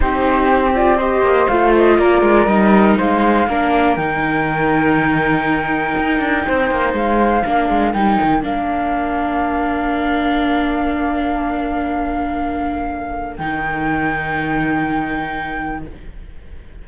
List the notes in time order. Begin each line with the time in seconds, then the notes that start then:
0.00 C4 D#4 G4 C5
0.74 F4 D5
0.97 G4 C5 D#5
1.21 A#3
1.48 A3 F4 F5
1.76 D#5
1.98 A#3 A#4 D5
2.21 G#3
2.46 G3 D#4 D#5
2.97 G#3 C5 F5
3.47 A#3 D4 A#4
3.96 D#3 D#4 G5
5.96 D#4
6.18 D4
6.47 C4 C5
6.70 A#3
6.93 G#3 F5
7.44 A#3 D4 A#4
7.69 G#3
7.92 G3 D#4 G5
8.22 D#3
8.41 A#3 D4 F5
13.36 D#3 D#4 G5